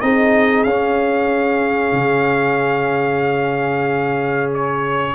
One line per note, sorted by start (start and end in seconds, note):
0.00 0.64 C4
0.00 0.66 D#4
0.00 5.15 G#4
0.00 0.63 D#5
0.63 1.92 C#4
0.63 5.15 C#4
0.63 4.51 F5
1.92 5.15 C#3
4.54 5.15 C#5